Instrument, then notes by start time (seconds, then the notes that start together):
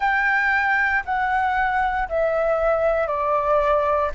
flute
0.00 G5
1.05 F#5
2.08 E5
3.07 D5